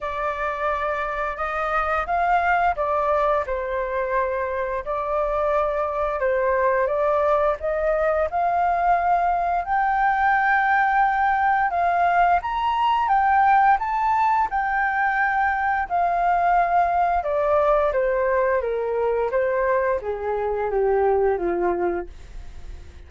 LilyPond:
\new Staff \with { instrumentName = "flute" } { \time 4/4 \tempo 4 = 87 d''2 dis''4 f''4 | d''4 c''2 d''4~ | d''4 c''4 d''4 dis''4 | f''2 g''2~ |
g''4 f''4 ais''4 g''4 | a''4 g''2 f''4~ | f''4 d''4 c''4 ais'4 | c''4 gis'4 g'4 f'4 | }